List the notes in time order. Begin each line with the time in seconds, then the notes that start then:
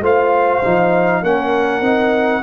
0.00 A3 F4 C5 F5
0.64 F3 D#4
1.23 A#3 C#4 A#4 F#5
1.81 C4 D#4